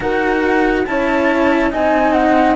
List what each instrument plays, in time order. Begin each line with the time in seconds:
0.00 cello D#4 F#4, horn A#4, flute F#5
0.85 cello C#4 E4, horn C#5, flute A5
1.70 cello C4 D#4, horn D#5, flute G#5
2.12 flute F#5